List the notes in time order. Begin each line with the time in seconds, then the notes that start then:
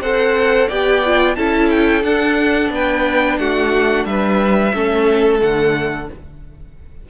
0.00 C4 A4 C5 F#5
0.68 B3 G4 D5 G5
1.05 F4
1.35 C#4 E4 A4 A5
1.70 G5
2.03 D4 F#5
2.70 B3 B4 G5
3.37 A3 F#4 F#5
4.05 G3 B4 E5
4.73 A3 C#4 A4
5.39 D3 A3 F#5